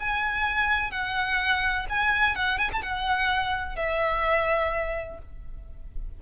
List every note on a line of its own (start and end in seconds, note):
0.00 0.91 G#5
0.91 1.87 F#5
1.90 2.36 G#5
2.36 2.58 F#5
2.58 2.70 G#5
2.73 2.82 A5
2.82 3.76 F#5
3.76 5.19 E5